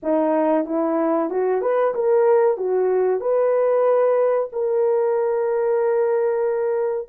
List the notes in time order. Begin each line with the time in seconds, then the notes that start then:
0.02 D#4
0.65 E4
1.29 F#4
1.61 B4
1.94 A#4
2.57 F#4
3.20 B4
4.52 A#4